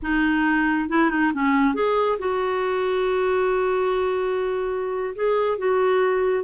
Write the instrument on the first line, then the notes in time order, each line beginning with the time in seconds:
clarinet
0.02 D#4
0.89 E4
1.10 D#4
1.33 C#4
1.74 G#4
2.19 F#4
5.15 G#4
5.58 F#4